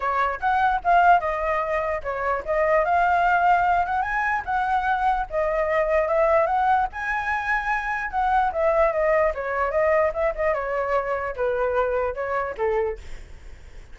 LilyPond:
\new Staff \with { instrumentName = "flute" } { \time 4/4 \tempo 4 = 148 cis''4 fis''4 f''4 dis''4~ | dis''4 cis''4 dis''4 f''4~ | f''4. fis''8 gis''4 fis''4~ | fis''4 dis''2 e''4 |
fis''4 gis''2. | fis''4 e''4 dis''4 cis''4 | dis''4 e''8 dis''8 cis''2 | b'2 cis''4 a'4 | }